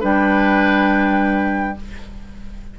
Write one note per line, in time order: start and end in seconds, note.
0.00 1.78 G3
0.00 1.76 D4
0.00 1.75 B4
0.00 1.79 G5